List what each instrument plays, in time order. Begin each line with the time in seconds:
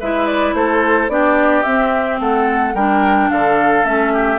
0.00 bassoon G#3, clarinet E4, oboe B4, flute E5
0.26 flute D5
0.53 bassoon A3, oboe A4, flute C5
1.08 bassoon B3, clarinet D4, oboe G4, flute D5
1.63 clarinet C4, bassoon C4, flute E5
2.20 bassoon A3, oboe A4, flute F#5
2.74 bassoon G3, clarinet D4, oboe A#4, flute G5
3.30 bassoon D3, oboe A4, flute F5
3.83 bassoon A3, clarinet C#4, flute E5
4.13 oboe G4